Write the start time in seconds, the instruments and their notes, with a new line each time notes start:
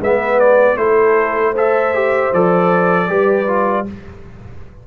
0.00 tuba G#3, trombone B3, horn B4, trumpet E5
0.40 trumpet D5
0.76 tuba A3, trombone E4, horn A4, trumpet C5
1.52 trombone A4, horn C5, trumpet E5
1.94 trombone G4
2.33 tuba F3, trombone A4, trumpet D5
3.08 tuba G3, trombone G4, horn B4
3.47 trombone F4